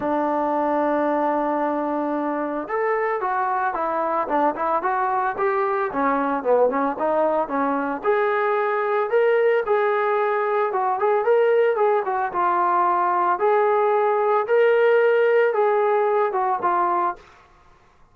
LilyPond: \new Staff \with { instrumentName = "trombone" } { \time 4/4 \tempo 4 = 112 d'1~ | d'4 a'4 fis'4 e'4 | d'8 e'8 fis'4 g'4 cis'4 | b8 cis'8 dis'4 cis'4 gis'4~ |
gis'4 ais'4 gis'2 | fis'8 gis'8 ais'4 gis'8 fis'8 f'4~ | f'4 gis'2 ais'4~ | ais'4 gis'4. fis'8 f'4 | }